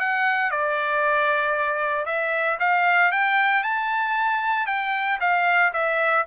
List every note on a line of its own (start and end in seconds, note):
0.00 0.51 F#5
0.51 2.06 D5
2.06 2.58 E5
2.60 3.12 F5
3.12 3.64 G5
3.64 4.67 A5
4.67 5.19 G5
5.21 5.73 F5
5.73 6.26 E5